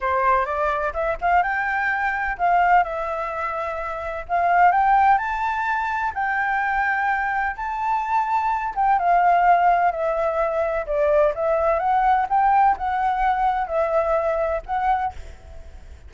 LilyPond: \new Staff \with { instrumentName = "flute" } { \time 4/4 \tempo 4 = 127 c''4 d''4 e''8 f''8 g''4~ | g''4 f''4 e''2~ | e''4 f''4 g''4 a''4~ | a''4 g''2. |
a''2~ a''8 g''8 f''4~ | f''4 e''2 d''4 | e''4 fis''4 g''4 fis''4~ | fis''4 e''2 fis''4 | }